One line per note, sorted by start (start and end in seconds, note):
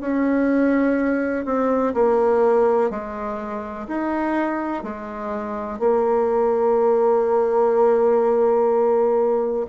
0.00 1.45 C#4
1.45 1.94 C4
1.94 2.90 A#3
2.90 3.87 G#3
3.87 4.83 D#4
4.83 5.79 G#3
5.79 9.66 A#3